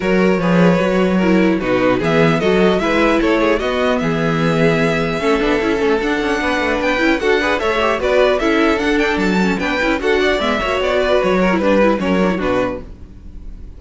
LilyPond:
<<
  \new Staff \with { instrumentName = "violin" } { \time 4/4 \tempo 4 = 150 cis''1 | b'4 e''4 dis''4 e''4 | cis''4 dis''4 e''2~ | e''2. fis''4~ |
fis''4 g''4 fis''4 e''4 | d''4 e''4 fis''8 g''8 a''4 | g''4 fis''4 e''4 d''4 | cis''4 b'4 cis''4 b'4 | }
  \new Staff \with { instrumentName = "violin" } { \time 4/4 ais'4 b'2 ais'4 | fis'4 gis'4 a'4 b'4 | a'8 gis'8 fis'4 gis'2~ | gis'4 a'2. |
b'2 a'8 b'8 cis''4 | b'4 a'2. | b'4 a'8 d''4 cis''4 b'8~ | b'8 ais'8 b'4 ais'4 fis'4 | }
  \new Staff \with { instrumentName = "viola" } { \time 4/4 fis'4 gis'4 fis'4 e'4 | dis'4 b4 fis'4 e'4~ | e'4 b2.~ | b4 cis'8 d'8 e'8 cis'8 d'4~ |
d'4. e'8 fis'8 gis'8 a'8 g'8 | fis'4 e'4 d'4. cis'8 | d'8 e'8 fis'4 b8 fis'4.~ | fis'8. e'16 d'8 e'8 cis'8 d'16 e'16 d'4 | }
  \new Staff \with { instrumentName = "cello" } { \time 4/4 fis4 f4 fis2 | b,4 e4 fis4 gis4 | a4 b4 e2~ | e4 a8 b8 cis'8 a8 d'8 cis'8 |
b8 a8 b8 cis'8 d'4 a4 | b4 cis'4 d'4 fis4 | b8 cis'8 d'4 gis8 ais8 b4 | fis4 g4 fis4 b,4 | }
>>